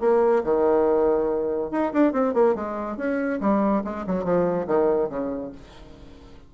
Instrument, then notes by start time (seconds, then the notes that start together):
bassoon
0.00 A#3
0.43 D#3
1.71 D#4
1.93 D4
2.12 C4
2.34 A#3
2.55 G#3
2.97 C#4
3.40 G3
3.84 G#3
4.06 F#3
4.24 F3
4.67 D#3
5.09 C#3